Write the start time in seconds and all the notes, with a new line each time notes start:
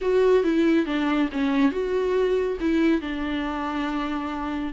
0.01 F#4
0.43 E4
0.86 D4
1.31 C#4
1.71 F#4
2.60 E4
3.01 D4